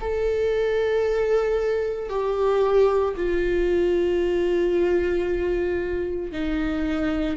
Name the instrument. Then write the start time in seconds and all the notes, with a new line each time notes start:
viola
0.00 A4
2.09 G4
3.16 F4
6.32 D#4